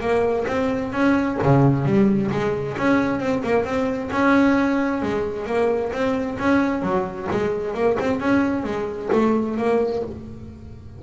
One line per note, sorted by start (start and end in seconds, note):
0.00 0.45 A#3
0.47 0.92 C4
0.92 1.38 C#4
1.43 1.85 C#3
1.85 2.31 G3
2.31 2.77 G#3
2.78 3.20 C#4
3.20 3.43 C4
3.43 3.64 A#3
3.64 4.10 C4
4.12 5.02 C#4
5.02 5.46 G#3
5.46 5.92 A#3
5.92 6.38 C4
6.39 6.82 C#4
6.82 7.28 F#3
7.31 7.74 G#3
7.74 7.97 A#3
8.00 8.20 C4
8.20 8.64 C#4
8.64 9.09 G#3
9.12 9.57 A3
9.57 10.03 A#3